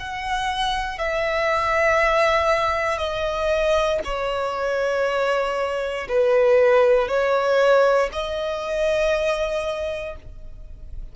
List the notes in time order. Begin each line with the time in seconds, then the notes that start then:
0.00 F#5
0.99 E5
2.98 D#5
4.05 C#5
6.09 B4
7.09 C#5
8.13 D#5